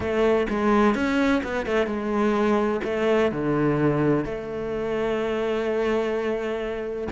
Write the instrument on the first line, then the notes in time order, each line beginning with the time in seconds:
cello
0.00 A3
0.49 G#3
0.94 C#4
1.43 B3
1.66 A3
1.86 G#3
2.84 A3
3.31 D3
4.24 A3